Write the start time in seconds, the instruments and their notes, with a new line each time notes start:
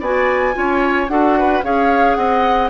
0.00 bassoon B3, clarinet F#4, oboe D5, flute G#5
0.53 bassoon C#4, clarinet F4, oboe C#5
1.08 bassoon D4, clarinet F#4, oboe A4, flute F#5
1.39 oboe B4
1.63 bassoon C#4, clarinet G#4, oboe C#5, flute F5
2.15 bassoon C4, oboe D#5, flute F#5